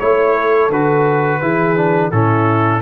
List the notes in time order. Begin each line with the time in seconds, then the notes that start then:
0.00 A3 E4 C#5
0.35 A4
0.70 D3 F#4 B4
1.41 E3 E4 G#4
1.77 D4
2.11 A2 C#4 E4 A4